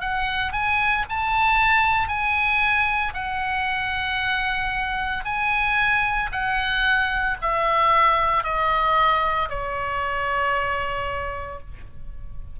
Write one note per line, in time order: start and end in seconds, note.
0.00 0.52 F#5
0.52 1.04 G#5
1.09 2.08 A5
2.08 3.13 G#5
3.13 5.24 F#5
5.24 6.30 G#5
6.32 7.37 F#5
7.41 8.43 E5
8.43 9.48 D#5
9.49 11.59 C#5